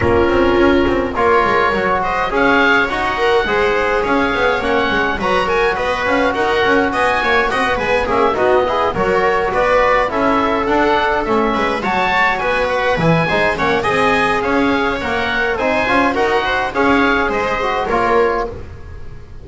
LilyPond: <<
  \new Staff \with { instrumentName = "oboe" } { \time 4/4 \tempo 4 = 104 ais'2 cis''4. dis''8 | f''4 fis''2 f''4 | fis''4 ais''8 gis''8 dis''8 f''8 fis''4 | gis''4 fis''8 gis''8 e''8 dis''4 cis''8~ |
cis''8 d''4 e''4 fis''4 e''8~ | e''8 a''4 gis''8 fis''8 gis''4 fis''8 | gis''4 f''4 fis''4 gis''4 | fis''4 f''4 dis''4 cis''4 | }
  \new Staff \with { instrumentName = "viola" } { \time 4/4 f'2 ais'4. c''8 | cis''4. ais'8 c''4 cis''4~ | cis''4 b'8 ais'8 b'4 ais'4 | dis''8 cis''8 dis''8 b'8 gis'8 fis'8 gis'8 ais'8~ |
ais'8 b'4 a'2~ a'8 | b'8 cis''4 b'4. c''8 cis''8 | dis''4 cis''2 c''4 | ais'8 c''8 cis''4 c''4 ais'4 | }
  \new Staff \with { instrumentName = "trombone" } { \time 4/4 cis'2 f'4 fis'4 | gis'4 fis'4 gis'2 | cis'4 fis'2.~ | fis'4. b8 cis'8 dis'8 e'8 fis'8~ |
fis'4. e'4 d'4 cis'8~ | cis'8 fis'2 e'8 dis'8 cis'8 | gis'2 ais'4 dis'8 f'8 | fis'4 gis'4. fis'8 f'4 | }
  \new Staff \with { instrumentName = "double bass" } { \time 4/4 ais8 c'8 cis'8 c'8 ais8 gis8 fis4 | cis'4 dis'4 gis4 cis'8 b8 | ais8 gis8 fis4 b8 cis'8 dis'8 cis'8 | b8 ais8 c'16 b16 gis8 ais8 b4 fis8~ |
fis8 b4 cis'4 d'4 a8 | gis8 fis4 b4 e8 gis8 ais8 | c'4 cis'4 ais4 c'8 cis'8 | dis'4 cis'4 gis4 ais4 | }
>>